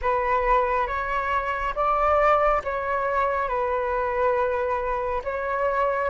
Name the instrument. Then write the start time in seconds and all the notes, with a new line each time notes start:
flute
0.01 B4
0.87 C#5
1.75 D5
2.63 C#5
3.48 B4
5.24 C#5